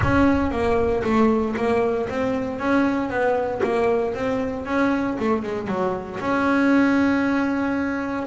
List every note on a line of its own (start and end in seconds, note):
0.02 0.51 C#4
0.51 1.03 A#3
1.03 1.55 A3
1.56 2.08 A#3
2.09 2.59 C4
2.59 3.09 C#4
3.09 3.61 B3
3.63 4.14 A#3
4.14 4.65 C4
4.65 5.17 C#4
5.19 5.42 A3
5.42 5.67 G#3
5.67 6.19 F#3
6.20 8.26 C#4